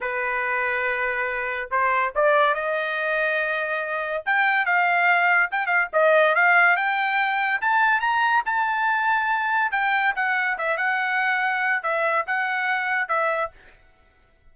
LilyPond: \new Staff \with { instrumentName = "trumpet" } { \time 4/4 \tempo 4 = 142 b'1 | c''4 d''4 dis''2~ | dis''2 g''4 f''4~ | f''4 g''8 f''8 dis''4 f''4 |
g''2 a''4 ais''4 | a''2. g''4 | fis''4 e''8 fis''2~ fis''8 | e''4 fis''2 e''4 | }